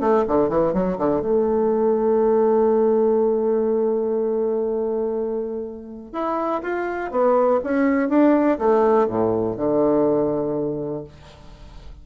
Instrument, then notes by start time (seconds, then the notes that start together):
bassoon
0.00 A3
0.27 D3
0.49 E3
0.73 F#3
0.98 D3
1.21 A3
6.12 E4
6.62 F4
7.10 B3
7.64 C#4
8.09 D4
8.58 A3
9.07 A2
9.56 D3